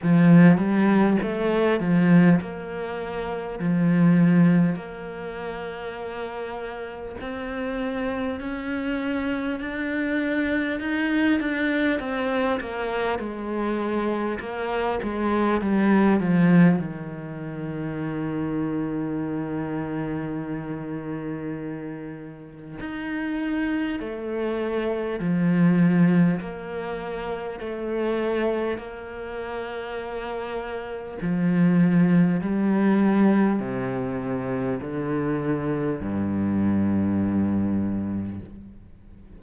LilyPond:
\new Staff \with { instrumentName = "cello" } { \time 4/4 \tempo 4 = 50 f8 g8 a8 f8 ais4 f4 | ais2 c'4 cis'4 | d'4 dis'8 d'8 c'8 ais8 gis4 | ais8 gis8 g8 f8 dis2~ |
dis2. dis'4 | a4 f4 ais4 a4 | ais2 f4 g4 | c4 d4 g,2 | }